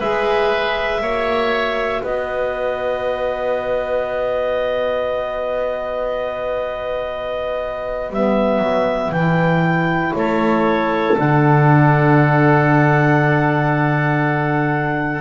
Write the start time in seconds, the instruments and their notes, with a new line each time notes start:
0.00 double bass G#3, saxophone G#4, oboe B4, clarinet E5
1.00 double bass A#3, saxophone F#4, oboe C#5
2.02 double bass B3, oboe B4, clarinet D#5
8.10 double bass G3, saxophone B3, clarinet E5
8.60 double bass F#3
9.11 double bass E3, saxophone E4, clarinet G5
10.15 double bass A3, oboe A4, clarinet C#5
11.15 double bass D3, saxophone D4, clarinet F#5